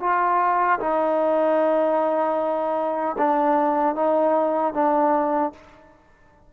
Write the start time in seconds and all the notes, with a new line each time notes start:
0.00 F4
0.80 D#4
3.18 D4
3.95 D#4
4.74 D4